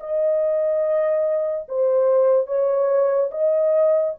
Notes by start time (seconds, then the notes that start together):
0.00 D#5
1.69 C5
2.47 C#5
3.31 D#5